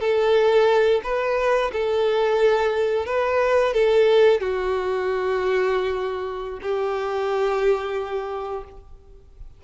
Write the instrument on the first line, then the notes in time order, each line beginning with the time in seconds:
violin
0.00 A4
1.03 B4
1.72 A4
3.06 B4
3.73 A4
4.40 F#4
6.62 G4